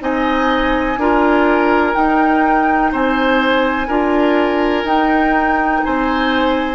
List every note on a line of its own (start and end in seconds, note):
0.00 0.97 C4
0.00 0.97 D#4
0.00 0.99 D#5
0.00 1.95 G#5
0.97 1.94 D4
0.97 1.94 F4
0.97 2.92 A#4
1.94 3.88 D#4
1.94 2.93 D#4
1.94 2.92 G5
2.92 3.89 C4
2.92 3.87 C5
2.92 4.87 G#5
3.87 4.84 D4
3.87 4.85 F4
3.87 5.81 A#4
4.84 5.81 D#4
4.84 6.75 D#4
4.84 5.83 G5
5.83 6.75 C4
5.83 6.75 C5
5.83 6.75 G#5